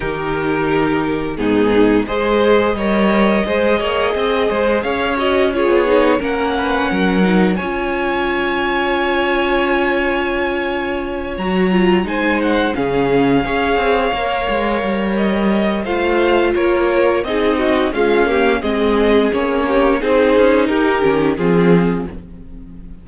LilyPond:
<<
  \new Staff \with { instrumentName = "violin" } { \time 4/4 \tempo 4 = 87 ais'2 gis'4 dis''4~ | dis''2. f''8 dis''8 | cis''4 fis''2 gis''4~ | gis''1~ |
gis''8 ais''4 gis''8 fis''8 f''4.~ | f''2 dis''4 f''4 | cis''4 dis''4 f''4 dis''4 | cis''4 c''4 ais'4 gis'4 | }
  \new Staff \with { instrumentName = "violin" } { \time 4/4 g'2 dis'4 c''4 | cis''4 c''8 cis''8 dis''8 c''8 cis''4 | gis'4 ais'8 b'8 ais'4 cis''4~ | cis''1~ |
cis''4. c''4 gis'4 cis''8~ | cis''2. c''4 | ais'4 gis'8 fis'8 f'8 g'8 gis'4~ | gis'8 g'8 gis'4 g'4 f'4 | }
  \new Staff \with { instrumentName = "viola" } { \time 4/4 dis'2 b4 gis'4 | ais'4 gis'2~ gis'8 fis'8 | f'8 dis'8 cis'4. dis'8 f'4~ | f'1~ |
f'8 fis'8 f'8 dis'4 cis'4 gis'8~ | gis'8 ais'2~ ais'8 f'4~ | f'4 dis'4 gis8 ais8 c'4 | cis'4 dis'4. cis'8 c'4 | }
  \new Staff \with { instrumentName = "cello" } { \time 4/4 dis2 gis,4 gis4 | g4 gis8 ais8 c'8 gis8 cis'4~ | cis'16 b8. ais4 fis4 cis'4~ | cis'1~ |
cis'8 fis4 gis4 cis4 cis'8 | c'8 ais8 gis8 g4. a4 | ais4 c'4 cis'4 gis4 | ais4 c'8 cis'8 dis'8 dis8 f4 | }
>>